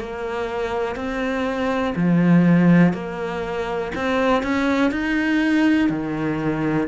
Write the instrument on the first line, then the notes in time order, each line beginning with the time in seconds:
cello
0.00 A#3
0.96 C4
1.96 F3
2.94 A#3
3.96 C4
4.43 C#4
4.92 D#4
5.90 D#3